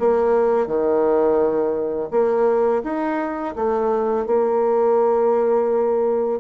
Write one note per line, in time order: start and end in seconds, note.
0.00 0.67 A#3
0.67 2.09 D#3
2.11 2.82 A#3
2.83 3.55 D#4
3.56 4.27 A3
4.27 6.40 A#3